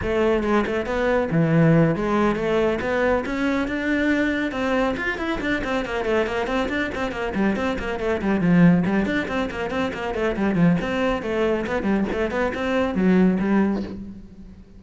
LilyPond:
\new Staff \with { instrumentName = "cello" } { \time 4/4 \tempo 4 = 139 a4 gis8 a8 b4 e4~ | e8 gis4 a4 b4 cis'8~ | cis'8 d'2 c'4 f'8 | e'8 d'8 c'8 ais8 a8 ais8 c'8 d'8 |
c'8 ais8 g8 c'8 ais8 a8 g8 f8~ | f8 g8 d'8 c'8 ais8 c'8 ais8 a8 | g8 f8 c'4 a4 b8 g8 | a8 b8 c'4 fis4 g4 | }